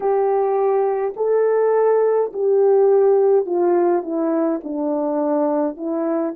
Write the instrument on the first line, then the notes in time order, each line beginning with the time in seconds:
horn
0.00 G4
1.16 A4
2.33 G4
3.46 F4
4.02 E4
4.63 D4
5.76 E4